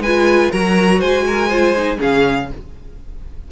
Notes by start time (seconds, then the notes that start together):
0.00 G#3 B4 G#5
0.07 F4
0.52 F#3 F#4 A#4 A#5
1.00 G#3 C5 G#5
1.28 A#4
1.49 F4 C5
1.77 D#4
1.98 C#3 C#4 G#4 F5